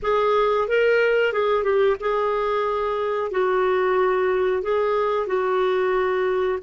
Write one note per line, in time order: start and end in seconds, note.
0.02 0.68 G#4
0.68 1.32 A#4
1.32 1.63 G#4
1.63 1.96 G4
1.99 3.31 G#4
3.31 4.62 F#4
4.62 5.27 G#4
5.27 6.58 F#4